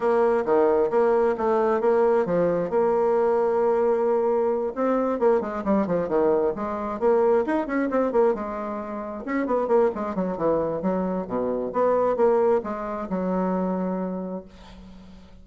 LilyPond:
\new Staff \with { instrumentName = "bassoon" } { \time 4/4 \tempo 4 = 133 ais4 dis4 ais4 a4 | ais4 f4 ais2~ | ais2~ ais8 c'4 ais8 | gis8 g8 f8 dis4 gis4 ais8~ |
ais8 dis'8 cis'8 c'8 ais8 gis4.~ | gis8 cis'8 b8 ais8 gis8 fis8 e4 | fis4 b,4 b4 ais4 | gis4 fis2. | }